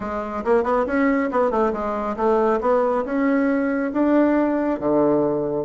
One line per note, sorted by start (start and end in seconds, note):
0.00 0.43 G#3
0.44 0.63 A#3
0.63 0.85 B3
0.86 1.30 C#4
1.31 1.50 B3
1.50 1.72 A3
1.72 2.16 G#3
2.16 2.59 A3
2.60 3.04 B3
3.05 3.92 C#4
3.92 4.79 D4
4.79 5.64 D3